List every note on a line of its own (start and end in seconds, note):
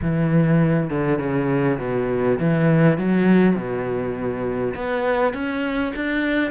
0.01 0.90 E3
0.90 1.18 D3
1.18 1.78 C#3
1.79 2.38 B2
2.39 2.98 E3
2.98 3.55 F#3
3.55 4.74 B2
4.74 5.33 B3
5.33 5.92 C#4
5.95 6.51 D4